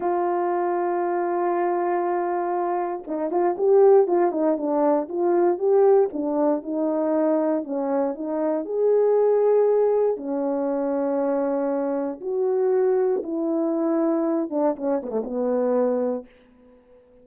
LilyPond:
\new Staff \with { instrumentName = "horn" } { \time 4/4 \tempo 4 = 118 f'1~ | f'2 dis'8 f'8 g'4 | f'8 dis'8 d'4 f'4 g'4 | d'4 dis'2 cis'4 |
dis'4 gis'2. | cis'1 | fis'2 e'2~ | e'8 d'8 cis'8 b16 a16 b2 | }